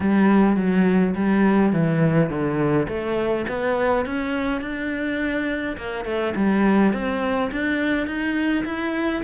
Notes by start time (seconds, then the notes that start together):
0.00 G3
0.56 F#3
1.15 G3
1.72 E3
2.29 D3
2.88 A3
3.48 B3
4.05 C#4
4.61 D4
5.77 A#3
6.04 A3
6.35 G3
6.93 C4
7.51 D4
8.06 D#4
8.65 E4